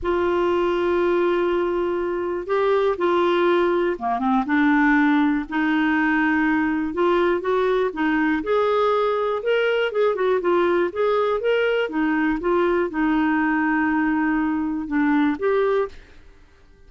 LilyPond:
\new Staff \with { instrumentName = "clarinet" } { \time 4/4 \tempo 4 = 121 f'1~ | f'4 g'4 f'2 | ais8 c'8 d'2 dis'4~ | dis'2 f'4 fis'4 |
dis'4 gis'2 ais'4 | gis'8 fis'8 f'4 gis'4 ais'4 | dis'4 f'4 dis'2~ | dis'2 d'4 g'4 | }